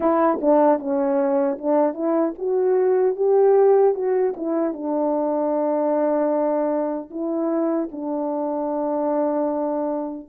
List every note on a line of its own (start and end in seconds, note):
0.00 0.39 E4
0.41 0.79 D4
0.79 1.58 C#4
1.58 1.93 D4
1.93 2.33 E4
2.38 3.16 F#4
3.16 3.94 G4
3.94 4.33 F#4
4.36 4.73 E4
4.73 7.10 D4
7.10 7.89 E4
7.91 10.28 D4